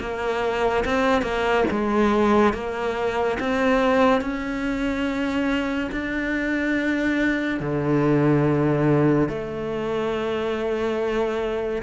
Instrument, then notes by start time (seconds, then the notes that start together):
cello
0.00 A#3
0.85 C4
1.22 A#3
1.71 G#3
2.54 A#3
3.40 C4
4.21 C#4
5.92 D4
7.60 D3
9.29 A3